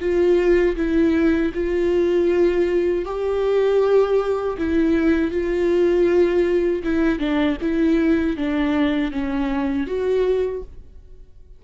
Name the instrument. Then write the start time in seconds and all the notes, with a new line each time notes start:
viola
0.00 F4
0.76 E4
1.54 F4
3.05 G4
4.57 E4
5.31 F4
6.83 E4
7.19 D4
7.61 E4
8.36 D4
9.11 C#4
9.86 F#4